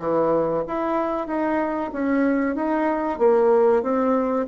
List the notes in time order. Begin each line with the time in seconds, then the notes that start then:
0.00 E3
0.68 E4
1.27 D#4
1.93 C#4
2.56 D#4
3.19 A#3
3.83 C4